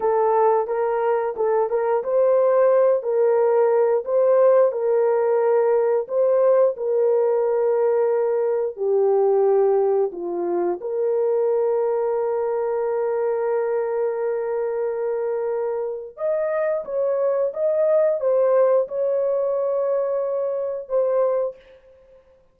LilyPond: \new Staff \with { instrumentName = "horn" } { \time 4/4 \tempo 4 = 89 a'4 ais'4 a'8 ais'8 c''4~ | c''8 ais'4. c''4 ais'4~ | ais'4 c''4 ais'2~ | ais'4 g'2 f'4 |
ais'1~ | ais'1 | dis''4 cis''4 dis''4 c''4 | cis''2. c''4 | }